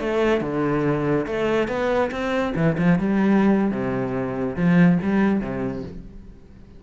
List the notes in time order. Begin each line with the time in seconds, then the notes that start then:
0.00 A3
0.41 D3
1.27 A3
1.68 B3
2.11 C4
2.56 E3
2.78 F3
2.99 G3
3.71 C3
4.56 F3
5.03 G3
5.41 C3